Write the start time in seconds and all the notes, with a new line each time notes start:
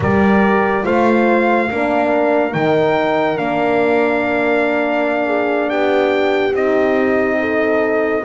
0.00 G3 G4 A#4 D5
0.83 A3 F4 C5 F5
1.70 A#3 D4 A#4
2.51 D#3 D#4 G5
3.36 A#3 D4 F5
5.26 G#4
5.69 B3 G4 G5
6.52 C4 D#4 D#5
7.39 A4